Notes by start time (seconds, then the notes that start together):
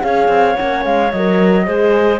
0.00 C#4 G#4 C#5 F5
0.28 C4
0.55 A#3 C#4 F#5
0.85 G#3 F5
1.11 F#3 A#4 D#5
1.65 G#3 G#4 C5